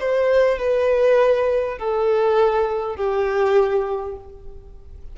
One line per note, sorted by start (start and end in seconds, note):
0.00 0.58 C5
0.58 1.78 B4
1.78 2.96 A4
2.96 4.16 G4